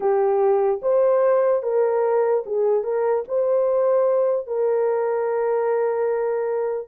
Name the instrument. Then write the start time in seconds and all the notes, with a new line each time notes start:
horn
0.00 G4
0.82 C5
1.62 A#4
2.45 G#4
2.83 A#4
3.28 C5
4.46 A#4